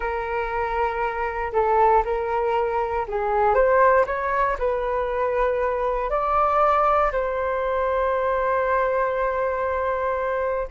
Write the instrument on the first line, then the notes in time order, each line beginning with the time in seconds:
flute
0.00 A#4
1.52 A4
2.04 A#4
3.07 G#4
3.54 C5
4.06 C#5
4.58 B4
6.10 D5
7.12 C5